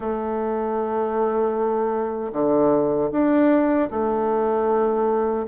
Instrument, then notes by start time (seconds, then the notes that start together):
bassoon
0.00 A3
2.32 D3
3.11 D4
3.90 A3